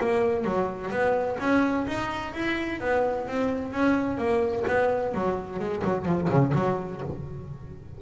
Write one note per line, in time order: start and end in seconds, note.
0.00 0.44 A#3
0.44 0.91 F#3
0.91 1.37 B3
1.40 1.86 C#4
1.87 2.34 D#4
2.34 2.80 E4
2.80 3.27 B3
3.27 3.72 C4
3.72 4.17 C#4
4.17 4.64 A#3
4.67 5.14 B3
5.14 5.59 F#3
5.59 5.83 G#3
5.84 6.05 F#3
6.05 6.29 F3
6.29 6.53 C#3
6.54 7.01 F#3